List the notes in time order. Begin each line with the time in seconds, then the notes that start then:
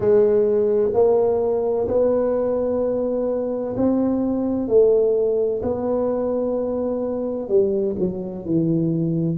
0.00 G#3
0.93 A#3
1.87 B3
3.77 C4
4.67 A3
5.62 B3
7.48 G3
7.98 F#3
8.45 E3